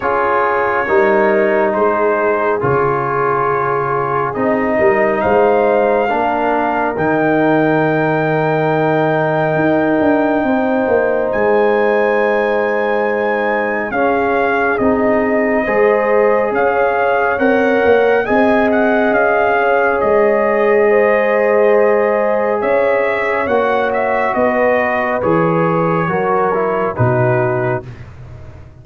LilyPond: <<
  \new Staff \with { instrumentName = "trumpet" } { \time 4/4 \tempo 4 = 69 cis''2 c''4 cis''4~ | cis''4 dis''4 f''2 | g''1~ | g''4 gis''2. |
f''4 dis''2 f''4 | fis''4 gis''8 fis''8 f''4 dis''4~ | dis''2 e''4 fis''8 e''8 | dis''4 cis''2 b'4 | }
  \new Staff \with { instrumentName = "horn" } { \time 4/4 gis'4 ais'4 gis'2~ | gis'4. ais'8 c''4 ais'4~ | ais'1 | c''1 |
gis'2 c''4 cis''4~ | cis''4 dis''4. cis''4. | c''2 cis''2 | b'2 ais'4 fis'4 | }
  \new Staff \with { instrumentName = "trombone" } { \time 4/4 f'4 dis'2 f'4~ | f'4 dis'2 d'4 | dis'1~ | dis'1 |
cis'4 dis'4 gis'2 | ais'4 gis'2.~ | gis'2. fis'4~ | fis'4 gis'4 fis'8 e'8 dis'4 | }
  \new Staff \with { instrumentName = "tuba" } { \time 4/4 cis'4 g4 gis4 cis4~ | cis4 c'8 g8 gis4 ais4 | dis2. dis'8 d'8 | c'8 ais8 gis2. |
cis'4 c'4 gis4 cis'4 | c'8 ais8 c'4 cis'4 gis4~ | gis2 cis'4 ais4 | b4 e4 fis4 b,4 | }
>>